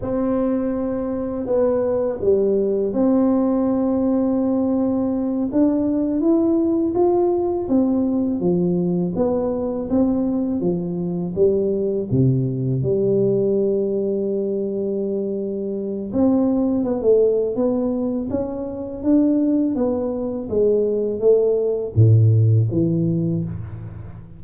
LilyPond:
\new Staff \with { instrumentName = "tuba" } { \time 4/4 \tempo 4 = 82 c'2 b4 g4 | c'2.~ c'8 d'8~ | d'8 e'4 f'4 c'4 f8~ | f8 b4 c'4 f4 g8~ |
g8 c4 g2~ g8~ | g2 c'4 b16 a8. | b4 cis'4 d'4 b4 | gis4 a4 a,4 e4 | }